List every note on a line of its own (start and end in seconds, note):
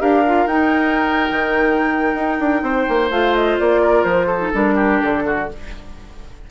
0.00 0.47 D4
0.00 0.24 G4
0.00 2.63 A#4
0.00 0.48 F5
0.26 0.49 F4
0.47 1.30 D#4
0.47 3.11 D#4
0.47 3.09 G5
1.31 2.14 D#3
2.15 2.39 D#4
2.40 2.63 D4
2.63 2.86 C4
2.63 3.82 C5
2.89 3.11 A#3
3.11 3.58 A3
3.11 4.40 F4
3.11 3.35 F5
3.35 3.59 D#5
3.59 4.04 A#3
3.59 4.04 D5
3.82 4.27 A#4
4.04 4.52 F3
4.04 4.52 C5
4.27 4.74 A4
4.40 4.52 D#4
4.53 5.02 G3
4.53 5.49 D4
4.53 5.02 A#4
4.76 5.23 G4
5.02 5.51 D3
5.02 5.49 A4
5.26 5.50 F#4